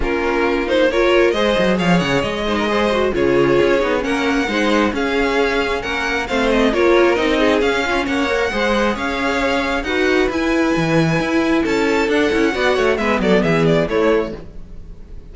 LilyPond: <<
  \new Staff \with { instrumentName = "violin" } { \time 4/4 \tempo 4 = 134 ais'4. c''8 cis''4 dis''4 | f''8 fis''8 dis''2 cis''4~ | cis''4 fis''2 f''4~ | f''4 fis''4 f''8 dis''8 cis''4 |
dis''4 f''4 fis''2 | f''2 fis''4 gis''4~ | gis''2 a''4 fis''4~ | fis''4 e''8 d''8 e''8 d''8 cis''4 | }
  \new Staff \with { instrumentName = "violin" } { \time 4/4 f'2 ais'4 c''4 | cis''4. c''16 ais'16 c''4 gis'4~ | gis'4 ais'4 c''4 gis'4~ | gis'4 ais'4 c''4 ais'4~ |
ais'8 gis'4 f'8 cis''4 c''4 | cis''2 b'2~ | b'2 a'2 | d''8 cis''8 b'8 a'8 gis'4 e'4 | }
  \new Staff \with { instrumentName = "viola" } { \time 4/4 cis'4. dis'8 f'4 gis'4~ | gis'4. dis'8 gis'8 fis'8 f'4~ | f'8 dis'8 cis'4 dis'4 cis'4~ | cis'2 c'4 f'4 |
dis'4 cis'4. ais'8 gis'4~ | gis'2 fis'4 e'4~ | e'2. d'8 e'8 | fis'4 b2 a4 | }
  \new Staff \with { instrumentName = "cello" } { \time 4/4 ais2. gis8 fis8 | f8 cis8 gis2 cis4 | cis'8 b8 ais4 gis4 cis'4~ | cis'4 ais4 a4 ais4 |
c'4 cis'4 ais4 gis4 | cis'2 dis'4 e'4 | e4 e'4 cis'4 d'8 cis'8 | b8 a8 gis8 fis8 e4 a4 | }
>>